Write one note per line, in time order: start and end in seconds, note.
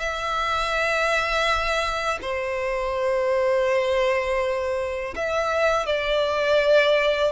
0.00 2.20 E5
2.22 5.15 C5
5.16 5.86 E5
5.86 7.33 D5